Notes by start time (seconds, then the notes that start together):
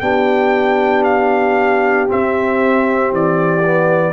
0.00 B3 D4 G4 G5
1.04 F5
2.07 C4 E5
3.12 E3 D5
3.65 B3